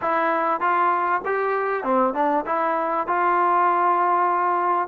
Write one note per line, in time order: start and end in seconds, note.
0.01 0.60 E4
0.60 1.21 F4
1.25 1.83 G4
1.83 2.14 C4
2.14 2.44 D4
2.46 3.07 E4
3.07 4.88 F4